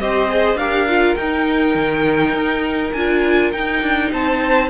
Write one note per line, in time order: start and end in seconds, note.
0.00 0.56 C4
0.00 0.29 G4
0.00 0.58 C5
0.00 0.57 D#5
0.29 0.58 G#4
0.56 1.14 D4
0.56 0.88 G4
0.56 4.11 A#4
0.56 1.15 F5
0.88 1.18 F4
1.15 1.75 D#4
1.15 2.96 D#4
1.15 2.92 G5
1.75 2.34 D#3
2.34 2.93 D#4
2.92 3.53 D4
2.92 3.53 F4
2.92 3.51 G#5
3.52 4.70 D#4
3.52 3.82 D#4
3.52 4.11 G5
3.82 4.12 D4
4.12 4.70 C4
4.12 4.70 C5
4.12 4.70 A5